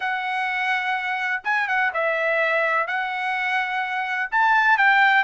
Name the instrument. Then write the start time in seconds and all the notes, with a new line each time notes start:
trumpet
0.00 F#5
1.44 G#5
1.68 F#5
1.93 E5
2.87 F#5
4.31 A5
4.77 G5